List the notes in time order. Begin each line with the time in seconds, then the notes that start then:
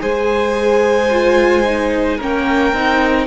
0.00 G#3 G#4 C5 G#5
1.11 F4
1.65 D#4
2.18 A#3 C#4 A#4 G5
2.73 C4 D#4